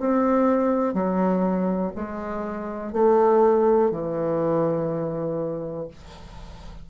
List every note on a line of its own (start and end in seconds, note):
0.00 0.94 C4
0.94 1.92 F#3
1.95 2.92 G#3
2.92 3.91 A3
3.91 5.88 E3